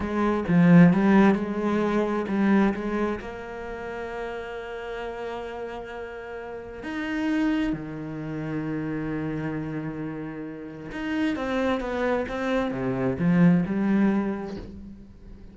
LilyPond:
\new Staff \with { instrumentName = "cello" } { \time 4/4 \tempo 4 = 132 gis4 f4 g4 gis4~ | gis4 g4 gis4 ais4~ | ais1~ | ais2. dis'4~ |
dis'4 dis2.~ | dis1 | dis'4 c'4 b4 c'4 | c4 f4 g2 | }